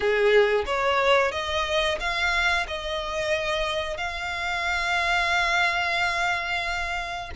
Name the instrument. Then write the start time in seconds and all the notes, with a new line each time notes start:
violin
0.00 G#4
0.65 C#5
1.31 D#5
1.99 F5
2.67 D#5
3.97 F5